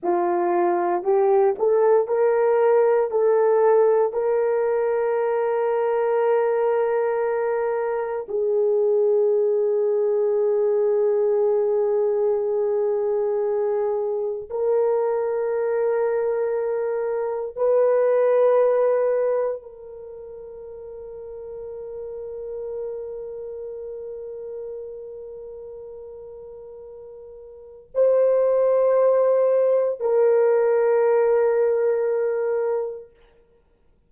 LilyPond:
\new Staff \with { instrumentName = "horn" } { \time 4/4 \tempo 4 = 58 f'4 g'8 a'8 ais'4 a'4 | ais'1 | gis'1~ | gis'2 ais'2~ |
ais'4 b'2 ais'4~ | ais'1~ | ais'2. c''4~ | c''4 ais'2. | }